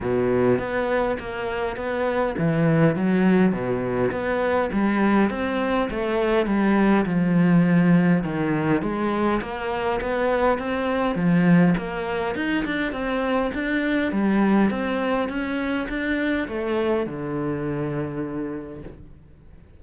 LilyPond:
\new Staff \with { instrumentName = "cello" } { \time 4/4 \tempo 4 = 102 b,4 b4 ais4 b4 | e4 fis4 b,4 b4 | g4 c'4 a4 g4 | f2 dis4 gis4 |
ais4 b4 c'4 f4 | ais4 dis'8 d'8 c'4 d'4 | g4 c'4 cis'4 d'4 | a4 d2. | }